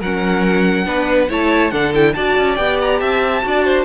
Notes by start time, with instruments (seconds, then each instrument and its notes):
0.00 cello F#3, viola C#4, violin A#4 F#5
0.85 cello B3, viola D4, violin B4
1.29 cello A3, viola E4, violin C#5 A5
1.71 cello D3, viola D4, violin A4 F#5
1.94 viola E4, violin G5
2.14 cello D4, viola F#4, violin D5 A5
2.38 cello C#4
2.56 cello B3, viola G4, violin G5
2.81 violin A#5
3.00 cello C4, violin E5 A5
3.42 cello D4, viola F#4, violin D5
3.65 violin C5